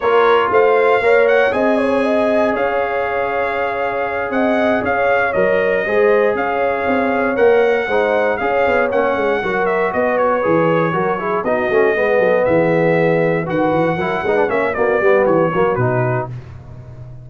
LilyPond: <<
  \new Staff \with { instrumentName = "trumpet" } { \time 4/4 \tempo 4 = 118 cis''4 f''4. fis''8 gis''4~ | gis''4 f''2.~ | f''8 fis''4 f''4 dis''4.~ | dis''8 f''2 fis''4.~ |
fis''8 f''4 fis''4. e''8 dis''8 | cis''2~ cis''8 dis''4.~ | dis''8 e''2 fis''4.~ | fis''8 e''8 d''4 cis''4 b'4 | }
  \new Staff \with { instrumentName = "horn" } { \time 4/4 ais'4 c''4 cis''4 dis''8 cis''8 | dis''4 cis''2.~ | cis''8 dis''4 cis''2 c''8~ | c''8 cis''2. c''8~ |
c''8 cis''2 ais'4 b'8~ | b'4. ais'8 gis'8 fis'4 b'8 | a'8 gis'2 b'4 ais'8 | b'8 cis''8 fis'8 g'4 fis'4. | }
  \new Staff \with { instrumentName = "trombone" } { \time 4/4 f'2 ais'4 gis'4~ | gis'1~ | gis'2~ gis'8 ais'4 gis'8~ | gis'2~ gis'8 ais'4 dis'8~ |
dis'8 gis'4 cis'4 fis'4.~ | fis'8 gis'4 fis'8 e'8 dis'8 cis'8 b8~ | b2~ b8 fis'4 e'8 | dis'16 d'16 cis'8 ais8 b4 ais8 dis'4 | }
  \new Staff \with { instrumentName = "tuba" } { \time 4/4 ais4 a4 ais4 c'4~ | c'4 cis'2.~ | cis'8 c'4 cis'4 fis4 gis8~ | gis8 cis'4 c'4 ais4 gis8~ |
gis8 cis'8 b8 ais8 gis8 fis4 b8~ | b8 e4 fis4 b8 a8 gis8 | fis8 e2 dis8 e8 fis8 | gis8 ais8 b8 g8 e8 fis8 b,4 | }
>>